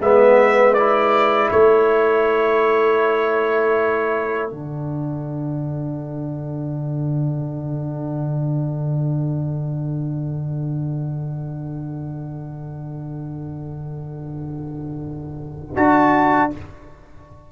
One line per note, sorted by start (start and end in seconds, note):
0.00 1.50 G#3
0.00 0.76 B3
0.00 1.51 B4
0.00 0.74 E5
0.74 4.49 E4
0.74 1.49 D5
1.51 4.51 A3
1.51 16.51 A4
1.51 4.50 C#5
4.49 15.76 D3
4.49 15.74 D4
4.49 15.75 F#5
15.75 16.51 D4
15.75 16.50 F#4
15.75 16.51 A5